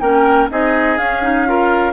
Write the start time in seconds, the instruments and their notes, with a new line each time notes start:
0.00 bassoon A#3, clarinet C#4, oboe A#4, flute G5
0.50 bassoon C4, clarinet D#4, oboe G#4, flute D#5
0.98 bassoon C#4, clarinet C#4, flute F5
1.22 clarinet D#4
1.47 clarinet F4, oboe A#4